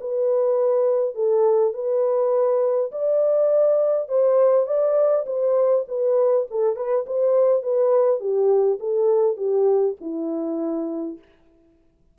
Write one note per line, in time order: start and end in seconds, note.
0.00 1.14 B4
1.14 1.73 A4
1.73 2.91 B4
2.91 4.08 D5
4.08 4.66 C5
4.66 5.25 D5
5.26 5.85 C5
5.87 6.46 B4
6.50 6.75 A4
6.75 7.05 B4
7.06 7.62 C5
7.62 8.20 B4
8.20 8.78 G4
8.79 9.36 A4
9.36 9.95 G4
10.00 11.18 E4